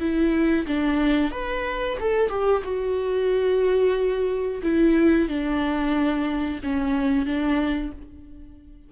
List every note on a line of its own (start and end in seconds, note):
0.00 0.66 E4
0.67 1.31 D4
1.31 1.97 B4
2.00 2.29 A4
2.29 2.62 G4
2.64 4.62 F#4
4.62 5.28 E4
5.28 6.60 D4
6.63 7.26 C#4
7.26 7.92 D4